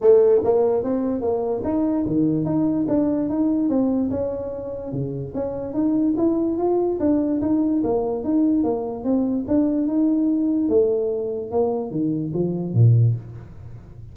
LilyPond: \new Staff \with { instrumentName = "tuba" } { \time 4/4 \tempo 4 = 146 a4 ais4 c'4 ais4 | dis'4 dis4 dis'4 d'4 | dis'4 c'4 cis'2 | cis4 cis'4 dis'4 e'4 |
f'4 d'4 dis'4 ais4 | dis'4 ais4 c'4 d'4 | dis'2 a2 | ais4 dis4 f4 ais,4 | }